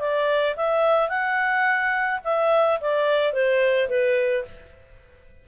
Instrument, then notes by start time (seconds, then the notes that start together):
clarinet
0.00 D5
0.57 E5
1.09 F#5
2.25 E5
2.81 D5
3.33 C5
3.89 B4